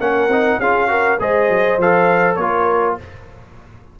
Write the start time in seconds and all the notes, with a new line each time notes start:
0.00 A#3 C#4 A#4 F#5
0.28 C4 D#4
0.59 C#4 F4 G#4 F5
0.88 F#4 A#4
1.20 G#3 G#4 C5 D#5
1.50 F#3
1.78 F3 A4 F5
2.35 A#3 F4 A#4 C#5